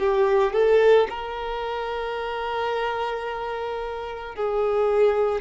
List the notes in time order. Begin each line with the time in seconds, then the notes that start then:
0.00 G4
0.53 A4
1.10 A#4
4.36 G#4